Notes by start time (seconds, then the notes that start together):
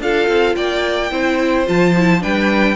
0.00 D4 F4 A4 F5
0.28 C4
0.56 A#3 D5 G5
1.11 C4 E4 C5
1.66 F3 F4 A5
1.97 E4
2.20 G3 D4 B4 G5